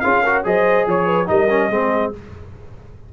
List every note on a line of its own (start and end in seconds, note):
0.00 0.45 C#4
0.00 0.25 F4
0.00 0.23 G#4
0.00 0.42 F5
0.23 0.44 F#4
0.23 0.44 A#4
0.44 0.87 F#3
0.44 1.26 G#4
0.44 0.88 C5
0.44 0.89 D#5
0.87 1.29 F3
0.87 1.06 C#5
0.87 1.28 C#5
1.06 1.27 B4
1.26 1.69 G3
1.26 1.48 D#4
1.26 1.71 A#4
1.26 2.13 D#5
1.50 1.71 C#4
1.69 2.12 G#3
1.69 2.13 C4
1.69 2.13 G#4